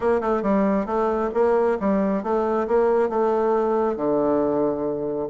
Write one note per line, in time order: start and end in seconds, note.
0.00 0.20 A#3
0.20 0.42 A3
0.42 0.86 G3
0.86 1.30 A3
1.34 1.78 A#3
1.79 2.23 G3
2.23 2.67 A3
2.67 3.09 A#3
3.09 3.96 A3
3.96 5.28 D3